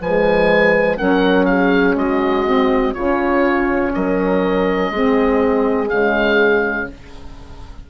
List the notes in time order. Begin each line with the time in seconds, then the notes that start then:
0.00 F3 G#3 B4 G#5
0.97 F#3 C#4 A#4 F#5
1.45 G#4 F5
1.95 G#3 F#4 D#5
2.45 C4
2.93 C#3 C#4 F4 C#5
3.94 F#3 A#4 D#5
4.90 G#3 C4 G#4
5.87 C#3 G#3 F5